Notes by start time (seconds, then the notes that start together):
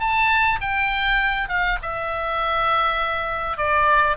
0.00 A5
0.61 G5
1.49 F5
1.83 E5
3.58 D5